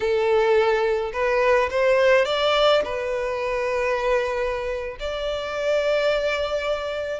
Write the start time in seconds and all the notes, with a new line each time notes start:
0.00 A4
1.12 B4
1.70 C5
2.25 D5
2.84 B4
4.99 D5